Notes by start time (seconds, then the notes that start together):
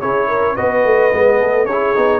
0.00 C#4 E4 G#4 C#5
0.28 A#4
0.54 B3 F#4 B4 D#5
0.84 A3
1.11 G#3 B3
1.38 A3 A4
1.66 C#4 E4 G#4 C#5
1.95 B3 D#4